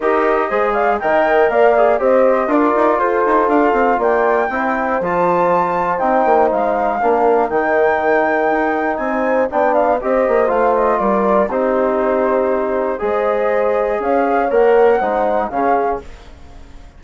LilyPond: <<
  \new Staff \with { instrumentName = "flute" } { \time 4/4 \tempo 4 = 120 dis''4. f''8 g''4 f''4 | dis''4 d''4 c''4 f''4 | g''2 a''2 | g''4 f''2 g''4~ |
g''2 gis''4 g''8 f''8 | dis''4 f''8 dis''8 d''4 c''4~ | c''2 dis''2 | f''4 fis''2 f''4 | }
  \new Staff \with { instrumentName = "horn" } { \time 4/4 ais'4 c''8 d''8 dis''4 d''4 | c''4 ais'4 a'2 | d''4 c''2.~ | c''2 ais'2~ |
ais'2 c''4 d''4 | c''2 ais'4 g'4~ | g'2 c''2 | cis''2 c''4 gis'4 | }
  \new Staff \with { instrumentName = "trombone" } { \time 4/4 g'4 gis'4 ais'4. gis'8 | g'4 f'2.~ | f'4 e'4 f'2 | dis'2 d'4 dis'4~ |
dis'2. d'4 | g'4 f'2 dis'4~ | dis'2 gis'2~ | gis'4 ais'4 dis'4 cis'4 | }
  \new Staff \with { instrumentName = "bassoon" } { \time 4/4 dis'4 gis4 dis4 ais4 | c'4 d'8 dis'8 f'8 dis'8 d'8 c'8 | ais4 c'4 f2 | c'8 ais8 gis4 ais4 dis4~ |
dis4 dis'4 c'4 b4 | c'8 ais8 a4 g4 c'4~ | c'2 gis2 | cis'4 ais4 gis4 cis4 | }
>>